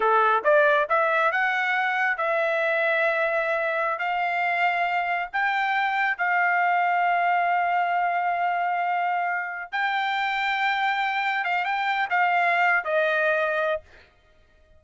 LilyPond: \new Staff \with { instrumentName = "trumpet" } { \time 4/4 \tempo 4 = 139 a'4 d''4 e''4 fis''4~ | fis''4 e''2.~ | e''4~ e''16 f''2~ f''8.~ | f''16 g''2 f''4.~ f''16~ |
f''1~ | f''2~ f''8 g''4.~ | g''2~ g''8 f''8 g''4 | f''4.~ f''16 dis''2~ dis''16 | }